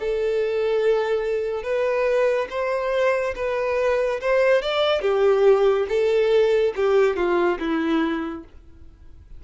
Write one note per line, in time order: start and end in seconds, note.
0.00 1.63 A4
1.63 2.48 B4
2.50 3.35 C5
3.36 4.20 B4
4.21 4.62 C5
4.62 5.02 D5
5.02 5.87 G4
5.89 6.74 A4
6.76 7.16 G4
7.16 7.59 F4
7.59 8.44 E4